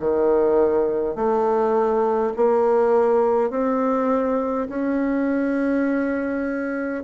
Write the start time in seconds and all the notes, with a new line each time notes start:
0.00 D#3
1.16 A3
2.36 A#3
3.50 C4
4.69 C#4